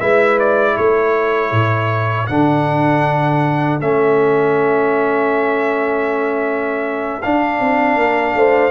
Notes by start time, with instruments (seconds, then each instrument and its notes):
0.00 tuba G#3, trombone E4, horn B4, trumpet E5
0.39 trumpet D5
0.74 tuba A3, horn A4, trumpet C#5
1.51 tuba A2
2.27 tuba D3, trombone D4, trumpet F#5
3.80 tuba A3, trombone C#4, trumpet E5
7.22 trombone D4, tuba D4, trumpet F5
7.59 tuba C4
7.96 tuba A#3, horn A#4
8.34 tuba A3, horn C5